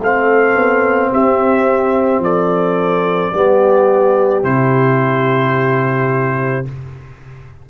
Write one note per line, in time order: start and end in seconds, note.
0.00 0.56 A3
0.00 3.34 C4
0.00 1.12 A4
0.00 1.14 F5
0.56 1.12 B3
1.12 2.20 C4
1.12 2.23 G4
1.12 2.24 E5
2.20 3.31 F3
2.20 3.35 A4
2.20 4.44 D5
3.34 4.44 G3
3.34 4.43 B3
3.34 6.70 G4
4.43 6.66 C3
4.43 6.66 E4
4.43 6.66 C5